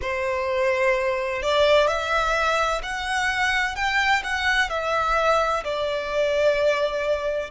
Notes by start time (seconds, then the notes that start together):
0.01 C5
1.42 D5
1.87 E5
2.83 F#5
3.75 G5
4.23 F#5
4.69 E5
5.64 D5